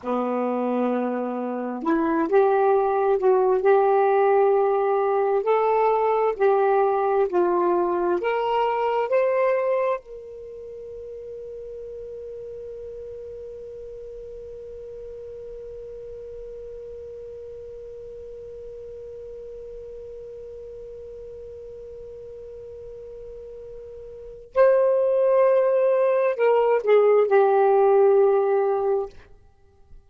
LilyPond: \new Staff \with { instrumentName = "saxophone" } { \time 4/4 \tempo 4 = 66 b2 e'8 g'4 fis'8 | g'2 a'4 g'4 | f'4 ais'4 c''4 ais'4~ | ais'1~ |
ais'1~ | ais'1~ | ais'2. c''4~ | c''4 ais'8 gis'8 g'2 | }